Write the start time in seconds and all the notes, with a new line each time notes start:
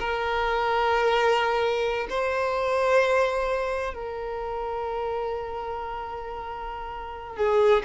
0.00 A#4
2.10 C5
3.94 A#4
7.37 G#4